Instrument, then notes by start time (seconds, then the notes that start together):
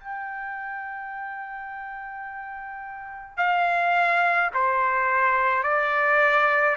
trumpet
0.00 G5
3.37 F5
4.54 C5
5.63 D5